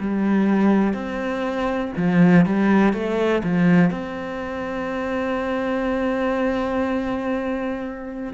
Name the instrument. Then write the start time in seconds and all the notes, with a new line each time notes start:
cello
0.00 G3
0.93 C4
1.97 F3
2.45 G3
2.93 A3
3.43 F3
3.90 C4